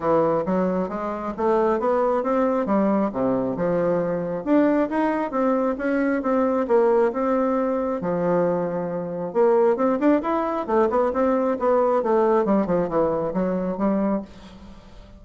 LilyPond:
\new Staff \with { instrumentName = "bassoon" } { \time 4/4 \tempo 4 = 135 e4 fis4 gis4 a4 | b4 c'4 g4 c4 | f2 d'4 dis'4 | c'4 cis'4 c'4 ais4 |
c'2 f2~ | f4 ais4 c'8 d'8 e'4 | a8 b8 c'4 b4 a4 | g8 f8 e4 fis4 g4 | }